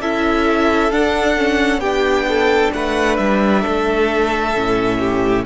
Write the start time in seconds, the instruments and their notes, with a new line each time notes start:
0.00 cello C#4, viola E4, violin A4 E5
0.91 viola D4, cello D4, violin F#5
1.37 viola C#4
1.77 cello B3, viola D4, violin G4 G5
2.28 violin A4
2.73 cello A3, violin B4 F#5
3.16 cello G3, violin E5
3.61 cello A3, violin A4
4.55 cello A2, viola C#4
4.99 violin G4